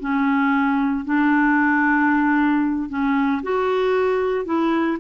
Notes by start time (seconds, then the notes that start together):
0.00 C#4
1.05 D4
2.89 C#4
3.43 F#4
4.45 E4